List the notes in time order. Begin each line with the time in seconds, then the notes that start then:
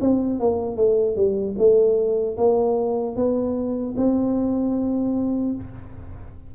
0.00 C4
0.39 A#3
0.76 A3
1.16 G3
1.58 A3
2.36 A#3
3.15 B3
3.97 C4